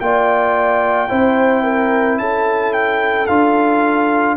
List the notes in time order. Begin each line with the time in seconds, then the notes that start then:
0.00 A#3 F4 D5 G5
1.08 C4 E4 C5
1.64 A#4
2.18 C#4 A4 A5
2.73 G5
3.27 D4 F4 F5